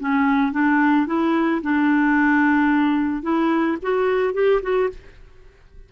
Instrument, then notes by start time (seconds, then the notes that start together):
clarinet
0.00 C#4
0.53 D4
1.07 E4
1.62 D4
3.23 E4
3.83 F#4
4.34 G4
4.63 F#4